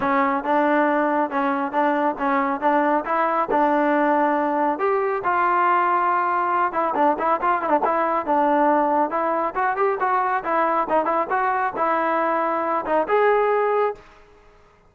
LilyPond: \new Staff \with { instrumentName = "trombone" } { \time 4/4 \tempo 4 = 138 cis'4 d'2 cis'4 | d'4 cis'4 d'4 e'4 | d'2. g'4 | f'2.~ f'8 e'8 |
d'8 e'8 f'8 e'16 d'16 e'4 d'4~ | d'4 e'4 fis'8 g'8 fis'4 | e'4 dis'8 e'8 fis'4 e'4~ | e'4. dis'8 gis'2 | }